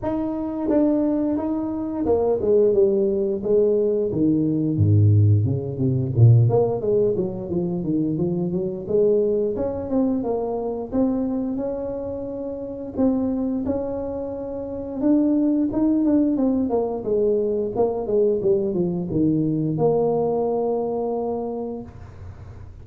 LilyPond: \new Staff \with { instrumentName = "tuba" } { \time 4/4 \tempo 4 = 88 dis'4 d'4 dis'4 ais8 gis8 | g4 gis4 dis4 gis,4 | cis8 c8 ais,8 ais8 gis8 fis8 f8 dis8 | f8 fis8 gis4 cis'8 c'8 ais4 |
c'4 cis'2 c'4 | cis'2 d'4 dis'8 d'8 | c'8 ais8 gis4 ais8 gis8 g8 f8 | dis4 ais2. | }